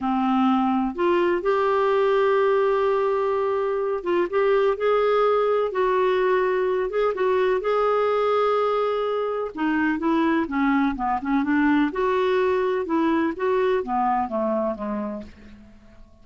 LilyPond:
\new Staff \with { instrumentName = "clarinet" } { \time 4/4 \tempo 4 = 126 c'2 f'4 g'4~ | g'1~ | g'8 f'8 g'4 gis'2 | fis'2~ fis'8 gis'8 fis'4 |
gis'1 | dis'4 e'4 cis'4 b8 cis'8 | d'4 fis'2 e'4 | fis'4 b4 a4 gis4 | }